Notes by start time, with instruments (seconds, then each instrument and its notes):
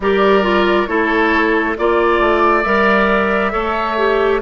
0.00 bassoon G3, clarinet G4, oboe A#4, flute D5
0.42 clarinet F4
0.86 bassoon A3, clarinet E4, oboe A4, flute C#5
1.77 bassoon A#3, clarinet F4, flute D5, oboe D5
2.19 bassoon A3
2.63 bassoon G3, clarinet A#4, flute E5
3.51 bassoon A3, clarinet A4, oboe C#5
3.97 clarinet G4